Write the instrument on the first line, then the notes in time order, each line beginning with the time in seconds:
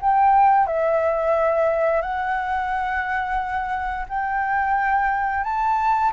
flute
0.00 G5
0.67 E5
2.01 F#5
4.08 G5
5.44 A5